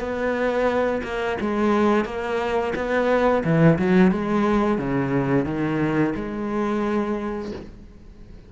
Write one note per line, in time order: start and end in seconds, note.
0.00 1.02 B3
1.04 1.38 A#3
1.41 2.05 G#3
2.05 2.74 A#3
2.76 3.44 B3
3.45 3.79 E3
3.79 4.12 F#3
4.12 4.79 G#3
4.79 5.46 C#3
5.46 6.14 D#3
6.15 7.52 G#3